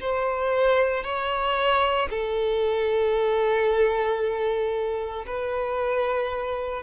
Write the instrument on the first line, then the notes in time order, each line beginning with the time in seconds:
violin
0.00 C5
1.03 C#5
2.10 A4
5.26 B4